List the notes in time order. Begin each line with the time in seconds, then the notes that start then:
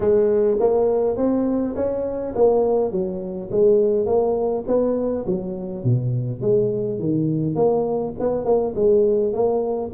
0.00 G#3
0.59 A#3
1.16 C4
1.75 C#4
2.35 A#3
2.91 F#3
3.51 G#3
4.06 A#3
4.67 B3
5.26 F#3
5.84 B2
6.41 G#3
6.99 D#3
7.55 A#3
8.19 B3
8.45 A#3
8.75 G#3
9.33 A#3